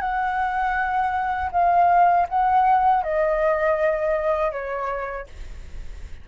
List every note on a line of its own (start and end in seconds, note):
0.00 1.50 F#5
1.52 2.27 F5
2.29 3.03 F#5
3.03 4.52 D#5
4.52 5.27 C#5